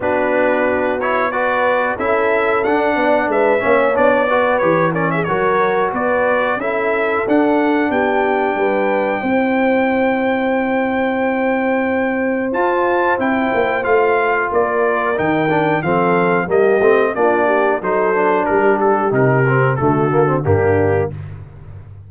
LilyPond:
<<
  \new Staff \with { instrumentName = "trumpet" } { \time 4/4 \tempo 4 = 91 b'4. cis''8 d''4 e''4 | fis''4 e''4 d''4 cis''8 d''16 e''16 | cis''4 d''4 e''4 fis''4 | g''1~ |
g''2. a''4 | g''4 f''4 d''4 g''4 | f''4 dis''4 d''4 c''4 | ais'8 a'8 ais'4 a'4 g'4 | }
  \new Staff \with { instrumentName = "horn" } { \time 4/4 fis'2 b'4 a'4~ | a'8 d''8 b'8 cis''4 b'4 ais'16 gis'16 | ais'4 b'4 a'2 | g'4 b'4 c''2~ |
c''1~ | c''2 ais'2 | a'4 g'4 f'8 g'8 a'4 | g'2 fis'4 d'4 | }
  \new Staff \with { instrumentName = "trombone" } { \time 4/4 d'4. e'8 fis'4 e'4 | d'4. cis'8 d'8 fis'8 g'8 cis'8 | fis'2 e'4 d'4~ | d'2 e'2~ |
e'2. f'4 | e'4 f'2 dis'8 d'8 | c'4 ais8 c'8 d'4 dis'8 d'8~ | d'4 dis'8 c'8 a8 ais16 c'16 ais4 | }
  \new Staff \with { instrumentName = "tuba" } { \time 4/4 b2. cis'4 | d'8 b8 gis8 ais8 b4 e4 | fis4 b4 cis'4 d'4 | b4 g4 c'2~ |
c'2. f'4 | c'8 ais8 a4 ais4 dis4 | f4 g8 a8 ais4 fis4 | g4 c4 d4 g,4 | }
>>